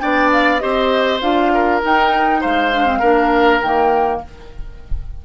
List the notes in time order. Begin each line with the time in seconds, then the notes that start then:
0.00 B3 D4 D5 G5
0.33 F5
0.59 C4 G4 C5 D#5
1.21 D4 F4 F5
1.54 A#4
1.82 D#4 G5
2.41 G#3 C5 F5
2.73 D4
2.86 C4
3.00 A#3 D4 A#4
3.62 D#3 A#3 G5